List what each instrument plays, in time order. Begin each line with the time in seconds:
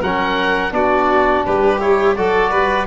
0.00 tuba F#3, trombone C#4, violin A#4, oboe F#5
0.71 tuba B3, trombone D4, violin F#4, oboe D5
1.45 tuba G3, violin G4, oboe B4
1.79 trombone E4, oboe C#5
2.15 tuba F#3, trombone F#4, violin A4, oboe D5
2.50 tuba G3, violin B4